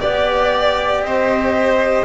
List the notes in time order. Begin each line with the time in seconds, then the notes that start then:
0.00 B3 G4 D5
1.03 C4 C5 D#5